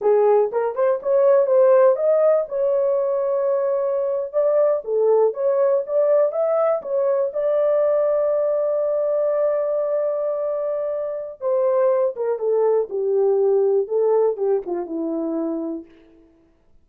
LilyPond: \new Staff \with { instrumentName = "horn" } { \time 4/4 \tempo 4 = 121 gis'4 ais'8 c''8 cis''4 c''4 | dis''4 cis''2.~ | cis''8. d''4 a'4 cis''4 d''16~ | d''8. e''4 cis''4 d''4~ d''16~ |
d''1~ | d''2. c''4~ | c''8 ais'8 a'4 g'2 | a'4 g'8 f'8 e'2 | }